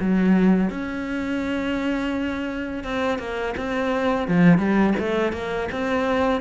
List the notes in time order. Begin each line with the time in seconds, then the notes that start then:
0.00 F#3
0.70 C#4
2.83 C4
3.19 A#3
3.57 C4
4.28 F3
4.58 G3
4.99 A3
5.32 A#3
5.71 C4